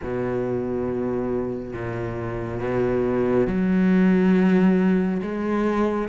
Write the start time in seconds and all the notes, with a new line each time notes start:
0.02 B2
1.73 A#2
2.60 B2
3.47 F#3
5.22 G#3